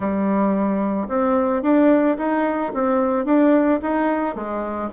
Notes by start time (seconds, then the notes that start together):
0.00 G3
1.08 C4
1.62 D4
2.17 D#4
2.73 C4
3.25 D4
3.82 D#4
4.35 G#3